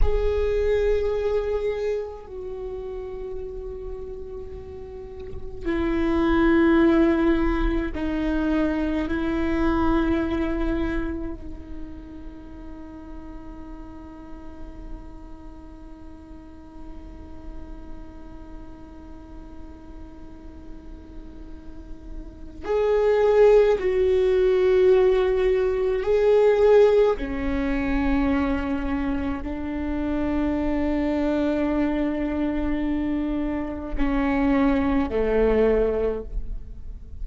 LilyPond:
\new Staff \with { instrumentName = "viola" } { \time 4/4 \tempo 4 = 53 gis'2 fis'2~ | fis'4 e'2 dis'4 | e'2 dis'2~ | dis'1~ |
dis'1 | gis'4 fis'2 gis'4 | cis'2 d'2~ | d'2 cis'4 a4 | }